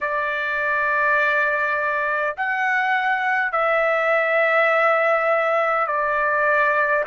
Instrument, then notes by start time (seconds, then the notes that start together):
trumpet
0.00 D5
2.36 F#5
3.51 E5
5.86 D5